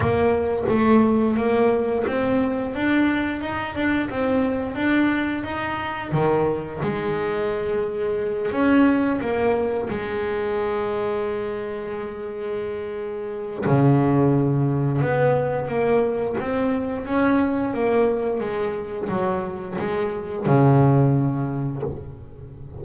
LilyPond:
\new Staff \with { instrumentName = "double bass" } { \time 4/4 \tempo 4 = 88 ais4 a4 ais4 c'4 | d'4 dis'8 d'8 c'4 d'4 | dis'4 dis4 gis2~ | gis8 cis'4 ais4 gis4.~ |
gis1 | cis2 b4 ais4 | c'4 cis'4 ais4 gis4 | fis4 gis4 cis2 | }